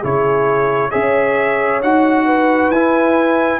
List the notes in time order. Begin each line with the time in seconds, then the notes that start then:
0.00 C#3 E4 G#4 C#5
0.90 C#4 G#4 C#5 E5
1.82 D#4 F#4 F#5
2.25 B4
2.70 E4 G#5